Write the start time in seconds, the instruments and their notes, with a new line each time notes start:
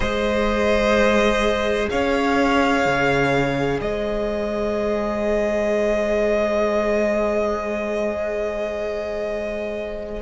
0.00 cello G#3, viola G#4, violin C5 D#5
1.89 cello C#4, violin C#5 F5
2.85 cello C#3
3.81 cello G#3, violin C5 D#5